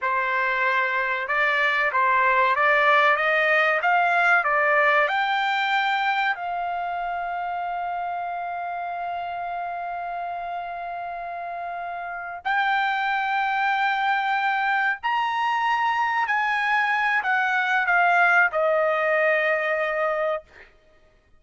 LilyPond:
\new Staff \with { instrumentName = "trumpet" } { \time 4/4 \tempo 4 = 94 c''2 d''4 c''4 | d''4 dis''4 f''4 d''4 | g''2 f''2~ | f''1~ |
f''2.~ f''8 g''8~ | g''2.~ g''8 ais''8~ | ais''4. gis''4. fis''4 | f''4 dis''2. | }